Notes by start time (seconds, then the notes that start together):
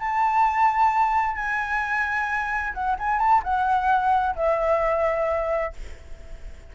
0.00 A5
1.36 G#5
2.74 F#5
2.99 G#5
3.19 A5
3.44 F#5
4.36 E5